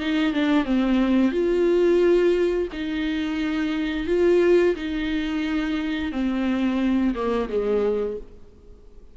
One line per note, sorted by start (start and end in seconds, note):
0.00 0.33 D#4
0.33 0.65 D4
0.65 1.32 C4
1.32 2.68 F4
2.73 4.08 D#4
4.08 4.76 F4
4.76 6.12 D#4
6.12 7.15 C4
7.15 7.49 A#3
7.49 8.18 G#3